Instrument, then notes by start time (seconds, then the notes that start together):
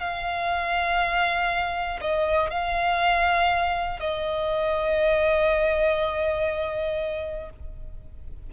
violin
0.00 F5
2.01 D#5
2.50 F5
4.00 D#5